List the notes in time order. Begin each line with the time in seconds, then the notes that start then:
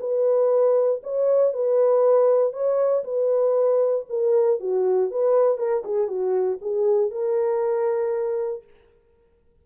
0.00 B4
1.03 C#5
1.53 B4
2.53 C#5
3.04 B4
4.09 A#4
4.60 F#4
5.11 B4
5.57 A#4
5.84 G#4
6.08 F#4
6.61 G#4
7.11 A#4